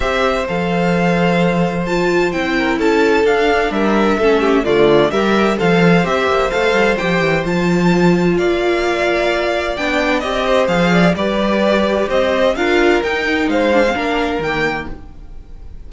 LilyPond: <<
  \new Staff \with { instrumentName = "violin" } { \time 4/4 \tempo 4 = 129 e''4 f''2. | a''4 g''4 a''4 f''4 | e''2 d''4 e''4 | f''4 e''4 f''4 g''4 |
a''2 f''2~ | f''4 g''4 dis''4 f''4 | d''2 dis''4 f''4 | g''4 f''2 g''4 | }
  \new Staff \with { instrumentName = "violin" } { \time 4/4 c''1~ | c''4. ais'8 a'2 | ais'4 a'8 g'8 f'4 g'4 | c''1~ |
c''2 d''2~ | d''2~ d''8 c''4 d''8 | b'2 c''4 ais'4~ | ais'4 c''4 ais'2 | }
  \new Staff \with { instrumentName = "viola" } { \time 4/4 g'4 a'2. | f'4 e'2 d'4~ | d'4 cis'4 a4 ais'4 | a'4 g'4 a'4 g'4 |
f'1~ | f'4 d'4 g'4 gis'4 | g'2. f'4 | dis'4. d'16 c'16 d'4 ais4 | }
  \new Staff \with { instrumentName = "cello" } { \time 4/4 c'4 f2.~ | f4 c'4 cis'4 d'4 | g4 a4 d4 g4 | f4 c'8 ais8 a8 g8 f8 e8 |
f2 ais2~ | ais4 b4 c'4 f4 | g2 c'4 d'4 | dis'4 gis4 ais4 dis4 | }
>>